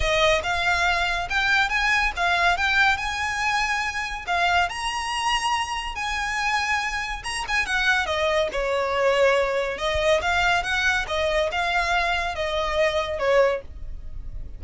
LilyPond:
\new Staff \with { instrumentName = "violin" } { \time 4/4 \tempo 4 = 141 dis''4 f''2 g''4 | gis''4 f''4 g''4 gis''4~ | gis''2 f''4 ais''4~ | ais''2 gis''2~ |
gis''4 ais''8 gis''8 fis''4 dis''4 | cis''2. dis''4 | f''4 fis''4 dis''4 f''4~ | f''4 dis''2 cis''4 | }